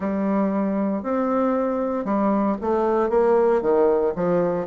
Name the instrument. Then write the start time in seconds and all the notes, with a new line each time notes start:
bassoon
0.00 G3
1.03 C4
2.04 G3
2.61 A3
3.09 A#3
3.61 D#3
4.15 F3